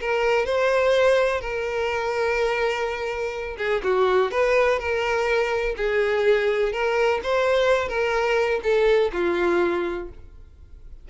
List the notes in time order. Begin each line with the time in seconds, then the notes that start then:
0.00 A#4
0.45 C5
1.41 A#4
3.57 G#4
3.83 F#4
4.31 B4
4.79 A#4
5.76 G#4
6.72 A#4
7.23 C5
7.88 A#4
8.63 A4
9.12 F4